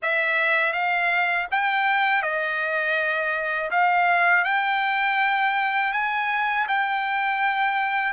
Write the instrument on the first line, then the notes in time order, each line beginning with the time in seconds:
trumpet
0.02 E5
0.72 F5
1.51 G5
2.22 D#5
3.70 F5
4.44 G5
5.92 G#5
6.68 G5